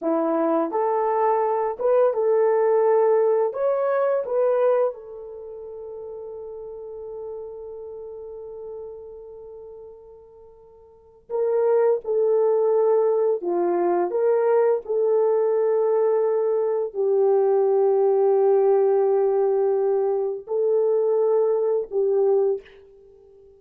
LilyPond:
\new Staff \with { instrumentName = "horn" } { \time 4/4 \tempo 4 = 85 e'4 a'4. b'8 a'4~ | a'4 cis''4 b'4 a'4~ | a'1~ | a'1 |
ais'4 a'2 f'4 | ais'4 a'2. | g'1~ | g'4 a'2 g'4 | }